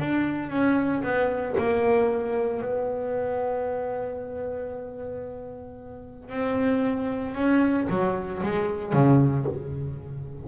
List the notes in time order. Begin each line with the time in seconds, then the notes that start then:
0.00 D4
0.50 C#4
1.03 B3
1.58 A#3
2.61 B3
6.30 C4
7.35 C#4
7.90 F#3
8.43 G#3
8.93 C#3